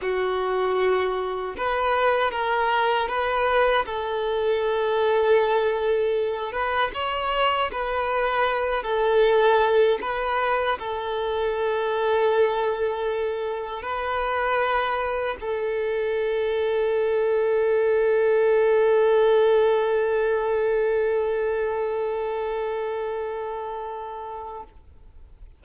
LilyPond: \new Staff \with { instrumentName = "violin" } { \time 4/4 \tempo 4 = 78 fis'2 b'4 ais'4 | b'4 a'2.~ | a'8 b'8 cis''4 b'4. a'8~ | a'4 b'4 a'2~ |
a'2 b'2 | a'1~ | a'1~ | a'1 | }